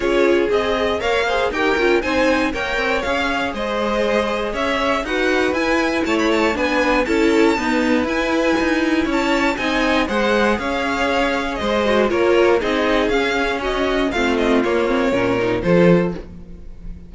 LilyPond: <<
  \new Staff \with { instrumentName = "violin" } { \time 4/4 \tempo 4 = 119 cis''4 dis''4 f''4 g''4 | gis''4 g''4 f''4 dis''4~ | dis''4 e''4 fis''4 gis''4 | a''16 b''16 a''8 gis''4 a''2 |
gis''2 a''4 gis''4 | fis''4 f''2 dis''4 | cis''4 dis''4 f''4 dis''4 | f''8 dis''8 cis''2 c''4 | }
  \new Staff \with { instrumentName = "violin" } { \time 4/4 gis'2 cis''8 c''8 ais'4 | c''4 cis''2 c''4~ | c''4 cis''4 b'2 | cis''4 b'4 a'4 b'4~ |
b'2 cis''4 dis''4 | c''4 cis''2 c''4 | ais'4 gis'2 fis'4 | f'2 ais'4 a'4 | }
  \new Staff \with { instrumentName = "viola" } { \time 4/4 f'4 gis'4 ais'8 gis'8 g'8 f'8 | dis'4 ais'4 gis'2~ | gis'2 fis'4 e'4~ | e'4 d'4 e'4 b4 |
e'2. dis'4 | gis'2.~ gis'8 fis'8 | f'4 dis'4 cis'2 | c'4 ais8 c'8 cis'8 dis'8 f'4 | }
  \new Staff \with { instrumentName = "cello" } { \time 4/4 cis'4 c'4 ais4 dis'8 cis'8 | c'4 ais8 c'8 cis'4 gis4~ | gis4 cis'4 dis'4 e'4 | a4 b4 cis'4 dis'4 |
e'4 dis'4 cis'4 c'4 | gis4 cis'2 gis4 | ais4 c'4 cis'2 | a4 ais4 ais,4 f4 | }
>>